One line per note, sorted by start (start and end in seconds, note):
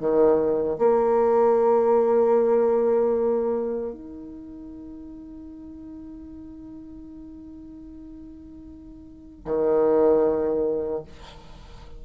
0.00 0.78 D#3
0.78 3.94 A#3
3.94 9.45 D#4
9.45 11.03 D#3